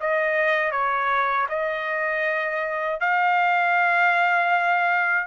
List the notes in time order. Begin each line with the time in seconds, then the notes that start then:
0.00 D#5
0.71 C#5
1.49 D#5
3.00 F5